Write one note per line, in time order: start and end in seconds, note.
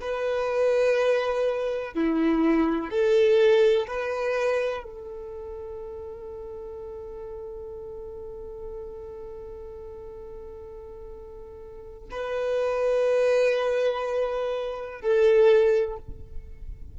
0.00 1.94 B4
1.94 2.90 E4
2.90 3.87 A4
3.87 4.83 B4
4.83 12.09 A4
12.11 15.00 B4
15.00 15.97 A4